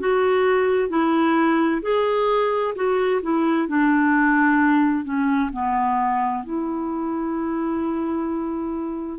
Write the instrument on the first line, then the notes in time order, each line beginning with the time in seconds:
clarinet
0.00 F#4
0.90 E4
1.83 G#4
2.76 F#4
3.23 E4
3.68 D4
5.05 C#4
5.53 B3
6.44 E4